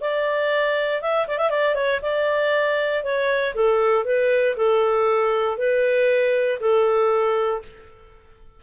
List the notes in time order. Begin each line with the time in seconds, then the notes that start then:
0.00 D5
1.01 E5
1.27 D5
1.38 E5
1.50 D5
1.74 C#5
2.02 D5
3.03 C#5
3.54 A4
4.04 B4
4.56 A4
5.57 B4
6.60 A4